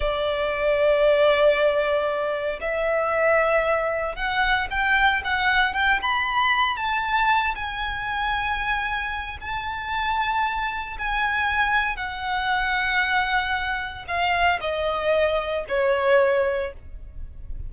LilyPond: \new Staff \with { instrumentName = "violin" } { \time 4/4 \tempo 4 = 115 d''1~ | d''4 e''2. | fis''4 g''4 fis''4 g''8 b''8~ | b''4 a''4. gis''4.~ |
gis''2 a''2~ | a''4 gis''2 fis''4~ | fis''2. f''4 | dis''2 cis''2 | }